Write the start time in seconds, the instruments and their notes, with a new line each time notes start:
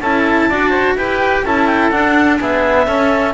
0.00 double bass C#4, cello E4, oboe A4, clarinet A5
0.49 double bass D4, cello F#4, oboe D5
0.70 oboe C5
0.96 double bass E4, cello G4, oboe B4, clarinet G5
1.44 double bass C#4, cello E4, oboe A4, clarinet A5
1.66 clarinet G5
1.90 cello D4, double bass D4, clarinet F#5
2.39 cello B3, oboe G#4, clarinet E5
2.86 double bass C#4, cello C#4, oboe A4